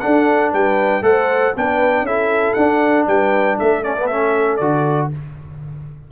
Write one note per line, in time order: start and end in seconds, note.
0.00 1.03 D4
0.00 0.53 D4
0.00 0.53 A4
0.00 0.51 F#5
0.53 1.02 G3
0.53 1.04 B4
0.53 1.04 G5
1.02 1.53 A3
1.02 1.53 A4
1.02 1.56 C5
1.02 1.55 F#5
1.56 2.02 B3
1.56 2.07 D4
1.56 2.06 B4
1.56 2.06 G5
2.02 2.53 C#4
2.02 2.58 E4
2.02 3.07 A4
2.02 2.54 E5
2.54 3.07 D4
2.54 3.84 D4
2.54 3.04 F#5
3.07 3.58 G3
3.07 3.58 B4
3.07 3.58 G5
3.58 4.60 A3
3.58 5.10 A4
3.58 3.84 E5
3.84 3.97 C#4
3.84 4.07 D5
3.98 4.11 B3
4.07 4.61 C#4
4.07 4.57 E5
4.57 5.11 D3
4.57 5.12 F#4
4.57 5.08 D5